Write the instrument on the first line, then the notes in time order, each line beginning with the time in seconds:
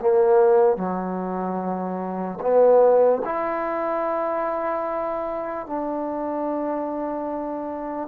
trombone
0.00 A#3
0.76 F#3
2.41 B3
3.25 E4
5.66 D4